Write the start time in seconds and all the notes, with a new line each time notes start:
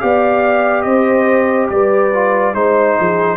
0.00 B3 G4 D5 F5
0.82 C4 C5 D#5
1.70 G3 B4 D5
2.14 F4
2.54 G#3 D#4 C5
2.99 F3 G#4